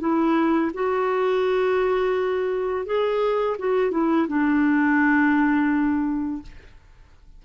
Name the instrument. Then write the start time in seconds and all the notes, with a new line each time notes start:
clarinet
0.00 E4
0.74 F#4
2.86 G#4
3.59 F#4
3.91 E4
4.28 D4